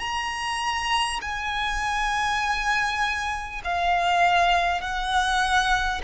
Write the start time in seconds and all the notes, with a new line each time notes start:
0.00 A#5
1.22 G#5
3.65 F5
4.81 F#5